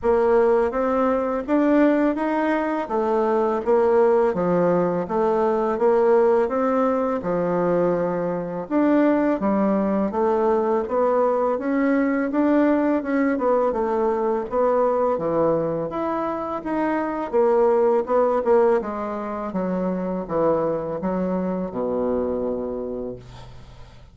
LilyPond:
\new Staff \with { instrumentName = "bassoon" } { \time 4/4 \tempo 4 = 83 ais4 c'4 d'4 dis'4 | a4 ais4 f4 a4 | ais4 c'4 f2 | d'4 g4 a4 b4 |
cis'4 d'4 cis'8 b8 a4 | b4 e4 e'4 dis'4 | ais4 b8 ais8 gis4 fis4 | e4 fis4 b,2 | }